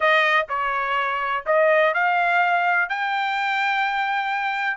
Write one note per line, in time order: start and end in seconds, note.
0.00 0.46 D#5
0.48 1.44 C#5
1.46 1.94 D#5
1.94 2.89 F5
2.89 4.77 G5